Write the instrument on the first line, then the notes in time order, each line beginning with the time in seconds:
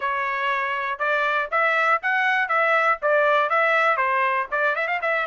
trumpet
0.00 C#5
0.98 D5
1.51 E5
2.02 F#5
2.48 E5
3.02 D5
3.49 E5
3.97 C5
4.51 D5
4.75 E5
4.87 F5
5.01 E5